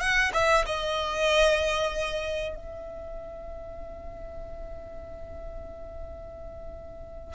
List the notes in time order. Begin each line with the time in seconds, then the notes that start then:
0.00 F#5
0.33 E5
0.66 D#5
2.56 E5